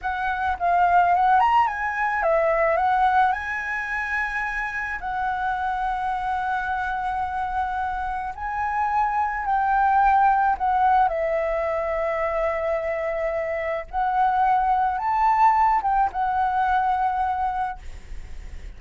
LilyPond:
\new Staff \with { instrumentName = "flute" } { \time 4/4 \tempo 4 = 108 fis''4 f''4 fis''8 ais''8 gis''4 | e''4 fis''4 gis''2~ | gis''4 fis''2.~ | fis''2. gis''4~ |
gis''4 g''2 fis''4 | e''1~ | e''4 fis''2 a''4~ | a''8 g''8 fis''2. | }